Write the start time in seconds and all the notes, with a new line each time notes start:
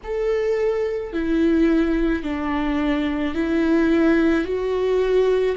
0.03 A4
1.12 E4
2.23 D4
3.34 E4
4.44 F#4